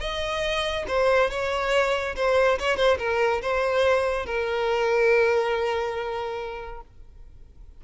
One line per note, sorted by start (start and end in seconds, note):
0.00 0.85 D#5
0.87 1.30 C5
1.30 2.15 C#5
2.16 2.58 C5
2.58 2.76 C#5
2.76 2.98 C5
2.98 3.41 A#4
3.41 4.26 C5
4.26 6.81 A#4